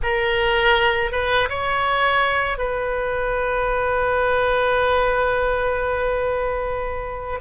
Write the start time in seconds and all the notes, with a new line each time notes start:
0.02 A#4
1.11 B4
1.48 C#5
2.58 B4